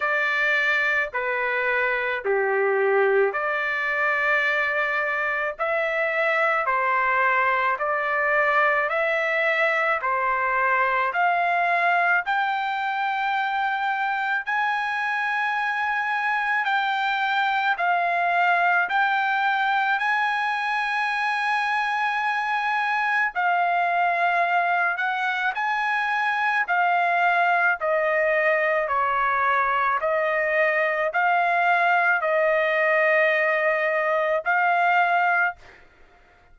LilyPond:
\new Staff \with { instrumentName = "trumpet" } { \time 4/4 \tempo 4 = 54 d''4 b'4 g'4 d''4~ | d''4 e''4 c''4 d''4 | e''4 c''4 f''4 g''4~ | g''4 gis''2 g''4 |
f''4 g''4 gis''2~ | gis''4 f''4. fis''8 gis''4 | f''4 dis''4 cis''4 dis''4 | f''4 dis''2 f''4 | }